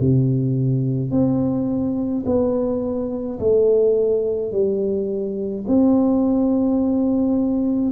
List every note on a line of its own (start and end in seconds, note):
0.00 1.11 C3
1.11 2.24 C4
2.26 3.39 B3
3.40 4.52 A3
4.52 5.65 G3
5.68 7.92 C4